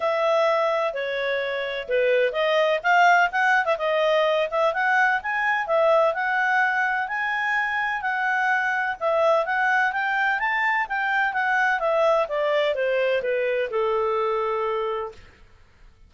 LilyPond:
\new Staff \with { instrumentName = "clarinet" } { \time 4/4 \tempo 4 = 127 e''2 cis''2 | b'4 dis''4 f''4 fis''8. e''16 | dis''4. e''8 fis''4 gis''4 | e''4 fis''2 gis''4~ |
gis''4 fis''2 e''4 | fis''4 g''4 a''4 g''4 | fis''4 e''4 d''4 c''4 | b'4 a'2. | }